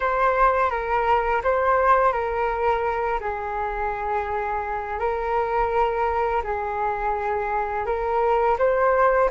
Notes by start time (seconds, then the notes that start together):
0.00 C5
0.70 A#4
1.43 C5
2.12 A#4
3.20 G#4
4.99 A#4
6.43 G#4
7.86 A#4
8.58 C5